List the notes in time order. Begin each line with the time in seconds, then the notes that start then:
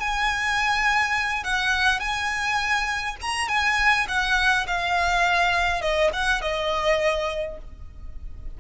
0.00 G#5
1.44 F#5
2.00 G#5
3.21 A#5
3.48 G#5
4.08 F#5
4.67 F5
5.81 D#5
6.13 F#5
6.42 D#5